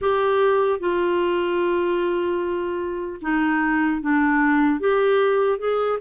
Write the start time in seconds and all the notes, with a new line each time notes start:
0.01 G4
0.79 F4
3.21 D#4
4.01 D4
4.80 G4
5.58 G#4